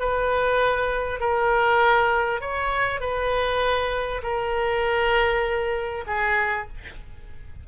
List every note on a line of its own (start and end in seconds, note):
0.00 1.20 B4
1.20 2.41 A#4
2.41 3.01 C#5
3.01 4.22 B4
4.23 6.05 A#4
6.07 6.68 G#4